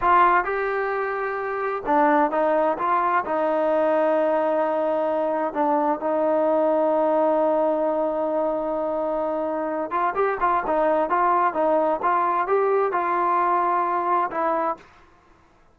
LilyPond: \new Staff \with { instrumentName = "trombone" } { \time 4/4 \tempo 4 = 130 f'4 g'2. | d'4 dis'4 f'4 dis'4~ | dis'1 | d'4 dis'2.~ |
dis'1~ | dis'4. f'8 g'8 f'8 dis'4 | f'4 dis'4 f'4 g'4 | f'2. e'4 | }